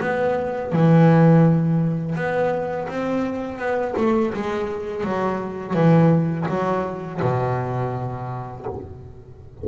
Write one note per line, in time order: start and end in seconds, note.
0.00 0.72 B3
0.72 2.15 E3
2.15 2.88 B3
2.88 3.58 C4
3.58 3.94 B3
3.97 4.33 A3
4.33 5.04 G#3
5.04 5.74 F#3
5.74 6.46 E3
6.48 7.21 F#3
7.21 8.66 B2